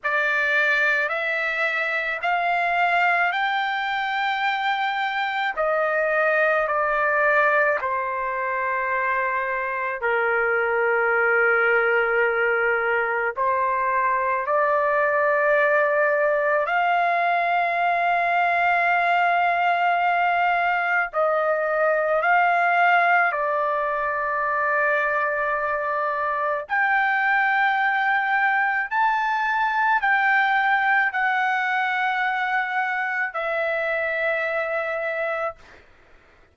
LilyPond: \new Staff \with { instrumentName = "trumpet" } { \time 4/4 \tempo 4 = 54 d''4 e''4 f''4 g''4~ | g''4 dis''4 d''4 c''4~ | c''4 ais'2. | c''4 d''2 f''4~ |
f''2. dis''4 | f''4 d''2. | g''2 a''4 g''4 | fis''2 e''2 | }